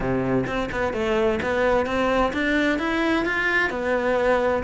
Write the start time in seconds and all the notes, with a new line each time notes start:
0.00 C3
0.46 C4
0.71 B3
0.93 A3
1.42 B3
1.86 C4
2.33 D4
2.79 E4
3.25 F4
3.70 B3